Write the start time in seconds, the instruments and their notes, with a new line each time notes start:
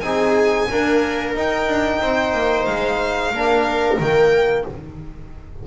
0.00 double bass C4, trombone D#4, viola G#4, violin G#5
0.70 trombone A#3, double bass D4, viola A#4
1.35 double bass D#4, trombone D#4, violin G5
1.67 double bass D4
2.01 double bass C4, viola C5
2.34 double bass A#3
2.65 double bass G#3, violin F5
3.32 double bass A#3, trombone D4, viola A#4
3.99 double bass D#3, trombone A#3, violin G5